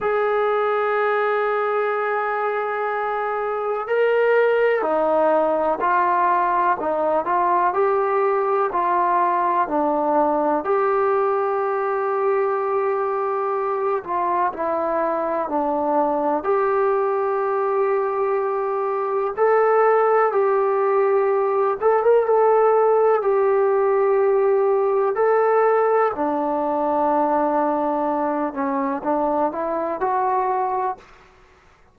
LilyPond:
\new Staff \with { instrumentName = "trombone" } { \time 4/4 \tempo 4 = 62 gis'1 | ais'4 dis'4 f'4 dis'8 f'8 | g'4 f'4 d'4 g'4~ | g'2~ g'8 f'8 e'4 |
d'4 g'2. | a'4 g'4. a'16 ais'16 a'4 | g'2 a'4 d'4~ | d'4. cis'8 d'8 e'8 fis'4 | }